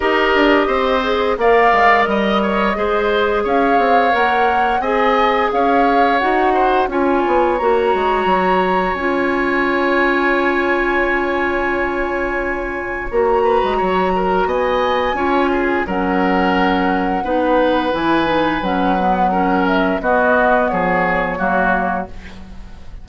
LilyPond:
<<
  \new Staff \with { instrumentName = "flute" } { \time 4/4 \tempo 4 = 87 dis''2 f''4 dis''4~ | dis''4 f''4 fis''4 gis''4 | f''4 fis''4 gis''4 ais''4~ | ais''4 gis''2.~ |
gis''2. ais''4~ | ais''4 gis''2 fis''4~ | fis''2 gis''4 fis''4~ | fis''8 e''8 dis''4 cis''2 | }
  \new Staff \with { instrumentName = "oboe" } { \time 4/4 ais'4 c''4 d''4 dis''8 cis''8 | c''4 cis''2 dis''4 | cis''4. c''8 cis''2~ | cis''1~ |
cis''2.~ cis''8 b'8 | cis''8 ais'8 dis''4 cis''8 gis'8 ais'4~ | ais'4 b'2. | ais'4 fis'4 gis'4 fis'4 | }
  \new Staff \with { instrumentName = "clarinet" } { \time 4/4 g'4. gis'8 ais'2 | gis'2 ais'4 gis'4~ | gis'4 fis'4 f'4 fis'4~ | fis'4 f'2.~ |
f'2. fis'4~ | fis'2 f'4 cis'4~ | cis'4 dis'4 e'8 dis'8 cis'8 b8 | cis'4 b2 ais4 | }
  \new Staff \with { instrumentName = "bassoon" } { \time 4/4 dis'8 d'8 c'4 ais8 gis8 g4 | gis4 cis'8 c'8 ais4 c'4 | cis'4 dis'4 cis'8 b8 ais8 gis8 | fis4 cis'2.~ |
cis'2. ais8. gis16 | fis4 b4 cis'4 fis4~ | fis4 b4 e4 fis4~ | fis4 b4 f4 fis4 | }
>>